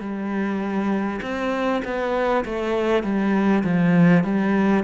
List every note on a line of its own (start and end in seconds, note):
0.00 1.20 G3
1.22 1.82 C4
1.84 2.44 B3
2.45 3.03 A3
3.03 3.63 G3
3.64 4.24 F3
4.24 4.84 G3